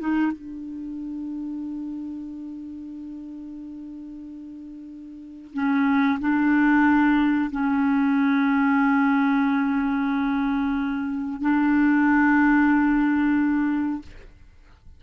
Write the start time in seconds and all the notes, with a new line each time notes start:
0.00 D#4
0.32 D4
5.54 C#4
6.20 D4
7.52 C#4
11.42 D4